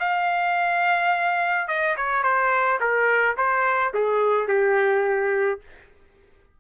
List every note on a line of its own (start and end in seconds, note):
0.00 1.68 F5
1.68 1.96 D#5
1.97 2.23 C#5
2.23 2.79 C5
2.80 3.36 A#4
3.37 3.93 C5
3.94 4.48 G#4
4.48 5.60 G4